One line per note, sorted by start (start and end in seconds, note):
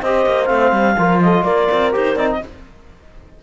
0.00 0.26 C4
0.00 0.47 G4
0.00 0.96 C5
0.00 0.45 D#5
0.26 0.49 A#3
0.45 0.71 A3
0.45 0.95 C4
0.45 1.17 F5
0.71 0.95 G3
0.98 1.44 F3
0.98 1.92 F4
0.98 1.22 A#4
1.21 1.43 A4
1.21 1.43 D#5
1.43 1.68 A#3
1.43 2.39 A#4
1.43 1.91 D5
1.71 1.95 C4
1.92 2.15 D#4
1.92 2.16 G4
1.92 2.17 C5
2.15 2.39 C4
2.15 2.41 D#4
2.15 2.29 D5
2.31 2.43 D#5